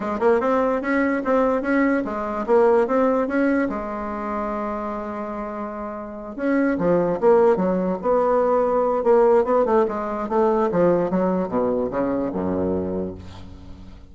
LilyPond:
\new Staff \with { instrumentName = "bassoon" } { \time 4/4 \tempo 4 = 146 gis8 ais8 c'4 cis'4 c'4 | cis'4 gis4 ais4 c'4 | cis'4 gis2.~ | gis2.~ gis8 cis'8~ |
cis'8 f4 ais4 fis4 b8~ | b2 ais4 b8 a8 | gis4 a4 f4 fis4 | b,4 cis4 fis,2 | }